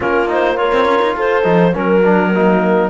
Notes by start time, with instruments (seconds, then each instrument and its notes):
0.00 cello A#3, trombone C#4, horn F4, clarinet A#4
0.27 trombone D#4, clarinet C5
0.56 trombone F4, horn A#4, clarinet C#5
0.72 cello C4
0.85 cello C#4
1.01 cello D#4
1.16 cello F4, horn A4, clarinet C5
1.43 cello F3, trombone D#4
1.73 cello F#3, trombone C#4, horn A#4, clarinet A#4
2.04 trombone D4
2.32 horn A#3, trombone D#4